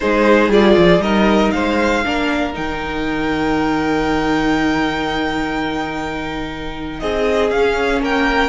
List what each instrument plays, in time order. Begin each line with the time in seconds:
0.00 cello G#3, viola D#4, violin G#4 C5
0.49 cello G3, viola F4, violin D5
0.77 cello F3
0.99 cello G3, viola D#4, violin A#4 D#5
1.51 cello G#3, violin C5 F5
2.04 cello A#3, viola D4, violin A#4
2.53 cello D#3, viola D#4, violin G5
6.99 cello C4, violin G#4 D#5
7.50 cello C#4, viola C#4, violin F5
8.01 cello A#3, violin A#4 G5